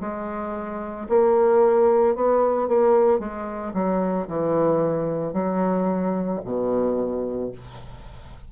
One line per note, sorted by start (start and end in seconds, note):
0.00 1.07 G#3
1.09 2.15 A#3
2.15 2.68 B3
2.68 3.19 A#3
3.19 3.72 G#3
3.74 4.27 F#3
4.27 5.33 E3
5.33 6.40 F#3
6.44 7.51 B2